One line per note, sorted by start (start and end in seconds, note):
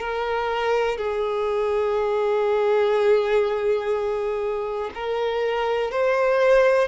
0.00 0.97 A#4
0.97 4.91 G#4
4.94 5.91 A#4
5.91 6.88 C5